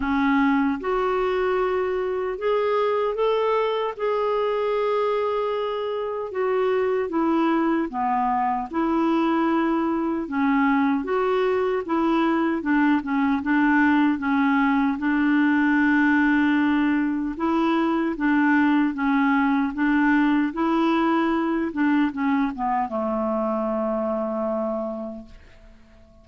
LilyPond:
\new Staff \with { instrumentName = "clarinet" } { \time 4/4 \tempo 4 = 76 cis'4 fis'2 gis'4 | a'4 gis'2. | fis'4 e'4 b4 e'4~ | e'4 cis'4 fis'4 e'4 |
d'8 cis'8 d'4 cis'4 d'4~ | d'2 e'4 d'4 | cis'4 d'4 e'4. d'8 | cis'8 b8 a2. | }